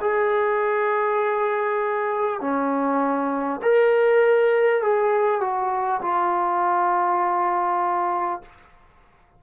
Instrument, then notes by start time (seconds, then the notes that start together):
trombone
0.00 G#4
2.41 C#4
3.62 A#4
4.82 G#4
5.41 F#4
6.01 F4